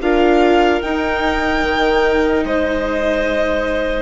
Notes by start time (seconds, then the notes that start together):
0.00 D4 F4 A#4 F5
0.81 D#4 G5
1.62 D#3
2.44 G#3 C5 D#5